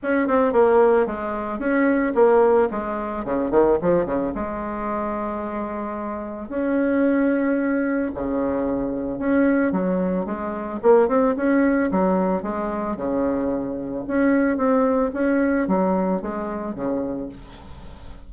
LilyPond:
\new Staff \with { instrumentName = "bassoon" } { \time 4/4 \tempo 4 = 111 cis'8 c'8 ais4 gis4 cis'4 | ais4 gis4 cis8 dis8 f8 cis8 | gis1 | cis'2. cis4~ |
cis4 cis'4 fis4 gis4 | ais8 c'8 cis'4 fis4 gis4 | cis2 cis'4 c'4 | cis'4 fis4 gis4 cis4 | }